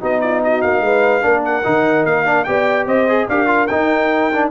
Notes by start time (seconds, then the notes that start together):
0.00 B3 D#4 F#4 D#5
0.21 F4 D5
0.44 F#4 D#5
0.62 A#3 F5
0.81 G#3 B4
1.21 A#3 D4 A#4
1.45 F#5
1.64 D#3 D#4
2.05 A#3 F5
2.25 D4
2.44 B3 G4 D5 G5
2.86 C4 C5 D#5
3.08 G#4
3.28 D4 G4 A#4 F5
3.47 F4
3.67 D#4 G5
4.33 D4